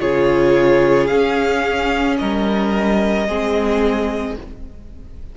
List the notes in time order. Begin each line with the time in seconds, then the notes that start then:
0.00 C#3 F4 G#4 C#5
1.07 C#4 F5
2.18 G3 A#4 D#5
3.27 G#3 C4 G#4